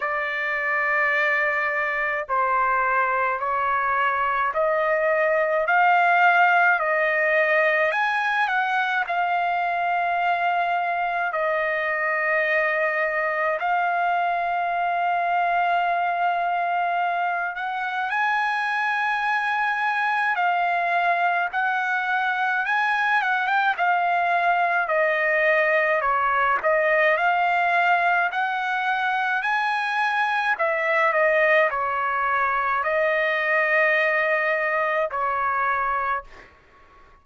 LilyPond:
\new Staff \with { instrumentName = "trumpet" } { \time 4/4 \tempo 4 = 53 d''2 c''4 cis''4 | dis''4 f''4 dis''4 gis''8 fis''8 | f''2 dis''2 | f''2.~ f''8 fis''8 |
gis''2 f''4 fis''4 | gis''8 fis''16 g''16 f''4 dis''4 cis''8 dis''8 | f''4 fis''4 gis''4 e''8 dis''8 | cis''4 dis''2 cis''4 | }